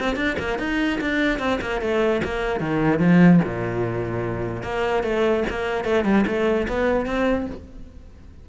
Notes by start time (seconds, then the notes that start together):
0.00 C4
0.16 D4
0.39 A#3
0.59 D#4
1.01 D4
1.39 C4
1.62 A#3
1.82 A3
2.24 A#3
2.60 D#3
3.00 F3
3.45 A#2
4.63 A#3
5.03 A3
5.50 A#3
5.85 A3
6.05 G3
6.27 A3
6.68 B3
7.06 C4